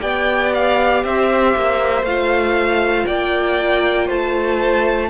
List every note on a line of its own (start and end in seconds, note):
0.00 1.04 B3
0.00 2.03 G4
0.00 1.02 D5
0.00 0.53 G5
0.54 1.05 F5
1.04 1.55 C4
1.04 3.06 C5
1.04 2.05 E5
1.56 2.02 A#3
2.02 3.04 A3
2.02 5.10 F4
2.02 3.06 F5
3.06 4.09 A#3
3.06 4.07 D5
3.06 4.08 G5
4.07 5.10 A3
4.07 5.08 C5
4.07 5.10 A5